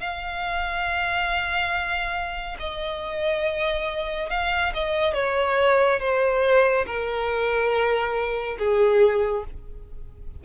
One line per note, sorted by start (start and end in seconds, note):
0.00 2.57 F5
2.59 4.30 D#5
4.30 4.73 F5
4.74 5.14 D#5
5.14 6.00 C#5
6.00 6.86 C5
6.86 8.58 A#4
8.59 9.44 G#4